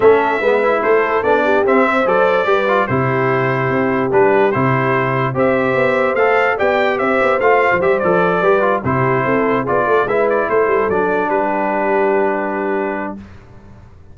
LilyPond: <<
  \new Staff \with { instrumentName = "trumpet" } { \time 4/4 \tempo 4 = 146 e''2 c''4 d''4 | e''4 d''2 c''4~ | c''2 b'4 c''4~ | c''4 e''2 f''4 |
g''4 e''4 f''4 e''8 d''8~ | d''4. c''2 d''8~ | d''8 e''8 d''8 c''4 d''4 b'8~ | b'1 | }
  \new Staff \with { instrumentName = "horn" } { \time 4/4 a'4 b'4 a'4. g'8~ | g'8 c''4. b'4 g'4~ | g'1~ | g'4 c''2. |
d''4 c''2.~ | c''8 b'4 g'4 a'4 gis'8 | a'8 b'4 a'2 g'8~ | g'1 | }
  \new Staff \with { instrumentName = "trombone" } { \time 4/4 cis'4 b8 e'4. d'4 | c'4 a'4 g'8 f'8 e'4~ | e'2 d'4 e'4~ | e'4 g'2 a'4 |
g'2 f'4 g'8 a'8~ | a'8 g'8 f'8 e'2 f'8~ | f'8 e'2 d'4.~ | d'1 | }
  \new Staff \with { instrumentName = "tuba" } { \time 4/4 a4 gis4 a4 b4 | c'4 fis4 g4 c4~ | c4 c'4 g4 c4~ | c4 c'4 b4 a4 |
b4 c'8 b8 a8. f16 g8 f8~ | f8 g4 c4 c'4 b8 | a8 gis4 a8 g8 fis4 g8~ | g1 | }
>>